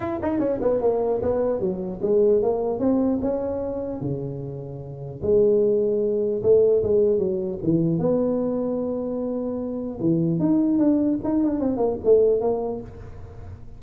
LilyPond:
\new Staff \with { instrumentName = "tuba" } { \time 4/4 \tempo 4 = 150 e'8 dis'8 cis'8 b8 ais4 b4 | fis4 gis4 ais4 c'4 | cis'2 cis2~ | cis4 gis2. |
a4 gis4 fis4 e4 | b1~ | b4 e4 dis'4 d'4 | dis'8 d'8 c'8 ais8 a4 ais4 | }